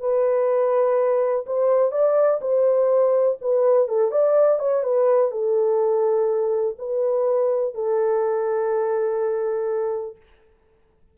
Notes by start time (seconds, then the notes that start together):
0.00 B4
1.46 C5
1.92 D5
2.41 C5
3.41 B4
3.88 A4
4.11 D5
4.59 C#5
4.83 B4
5.31 A4
6.79 B4
7.74 A4